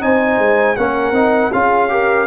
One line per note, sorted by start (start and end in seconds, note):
0.00 0.38 C4
0.00 0.76 D#4
0.00 0.76 C5
0.00 0.76 G#5
0.38 0.76 G#3
0.76 1.11 A#3
0.76 1.13 C#4
0.76 1.52 A#4
0.76 1.52 F#5
1.11 1.49 C4
1.11 1.51 D#4
1.52 2.27 C#4
1.52 1.88 F4
1.52 1.91 G#4
1.52 2.27 F5
1.88 2.26 G4
1.88 2.27 A#4